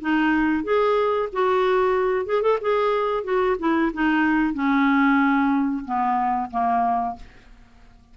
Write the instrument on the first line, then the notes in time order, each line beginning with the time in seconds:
clarinet
0.00 D#4
0.63 G#4
1.32 F#4
2.25 G#4
2.42 A4
2.61 G#4
3.23 F#4
3.59 E4
3.93 D#4
4.54 C#4
5.85 B3
6.50 A#3